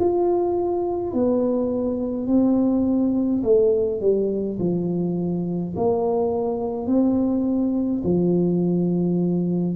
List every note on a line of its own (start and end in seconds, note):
0.00 1.14 F4
1.14 2.28 B3
2.28 3.43 C4
3.44 4.01 A3
4.01 4.58 G3
4.60 5.75 F3
5.77 6.87 A#3
6.87 8.02 C4
8.05 9.76 F3